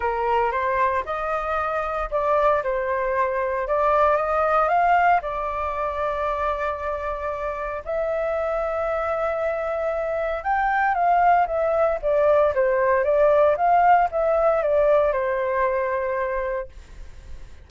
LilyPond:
\new Staff \with { instrumentName = "flute" } { \time 4/4 \tempo 4 = 115 ais'4 c''4 dis''2 | d''4 c''2 d''4 | dis''4 f''4 d''2~ | d''2. e''4~ |
e''1 | g''4 f''4 e''4 d''4 | c''4 d''4 f''4 e''4 | d''4 c''2. | }